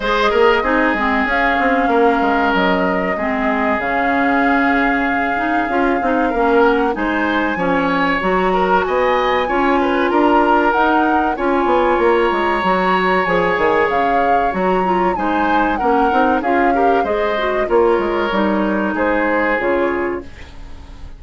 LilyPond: <<
  \new Staff \with { instrumentName = "flute" } { \time 4/4 \tempo 4 = 95 dis''2 f''2 | dis''2 f''2~ | f''2~ f''8 fis''8 gis''4~ | gis''4 ais''4 gis''2 |
ais''4 fis''4 gis''4 ais''4~ | ais''4 gis''4 f''4 ais''4 | gis''4 fis''4 f''4 dis''4 | cis''2 c''4 cis''4 | }
  \new Staff \with { instrumentName = "oboe" } { \time 4/4 c''8 ais'8 gis'2 ais'4~ | ais'4 gis'2.~ | gis'2 ais'4 c''4 | cis''4. ais'8 dis''4 cis''8 b'8 |
ais'2 cis''2~ | cis''1 | c''4 ais'4 gis'8 ais'8 c''4 | ais'2 gis'2 | }
  \new Staff \with { instrumentName = "clarinet" } { \time 4/4 gis'4 dis'8 c'8 cis'2~ | cis'4 c'4 cis'2~ | cis'8 dis'8 f'8 dis'8 cis'4 dis'4 | cis'4 fis'2 f'4~ |
f'4 dis'4 f'2 | fis'4 gis'2 fis'8 f'8 | dis'4 cis'8 dis'8 f'8 g'8 gis'8 fis'8 | f'4 dis'2 f'4 | }
  \new Staff \with { instrumentName = "bassoon" } { \time 4/4 gis8 ais8 c'8 gis8 cis'8 c'8 ais8 gis8 | fis4 gis4 cis2~ | cis4 cis'8 c'8 ais4 gis4 | f4 fis4 b4 cis'4 |
d'4 dis'4 cis'8 b8 ais8 gis8 | fis4 f8 dis8 cis4 fis4 | gis4 ais8 c'8 cis'4 gis4 | ais8 gis8 g4 gis4 cis4 | }
>>